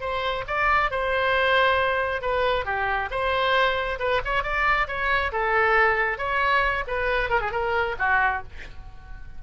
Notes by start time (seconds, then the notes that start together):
0.00 C5
0.47 D5
0.90 C5
2.21 B4
2.65 G4
3.10 C5
3.99 B4
4.25 C#5
4.43 D5
4.87 C#5
5.32 A4
6.17 C#5
6.87 B4
7.29 A#4
7.41 G#4
7.51 A#4
7.99 F#4